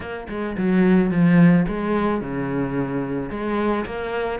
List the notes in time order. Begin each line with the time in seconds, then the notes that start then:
0.00 A#3
0.29 G#3
0.57 F#3
1.10 F3
1.67 G#3
2.21 C#3
3.30 G#3
3.85 A#3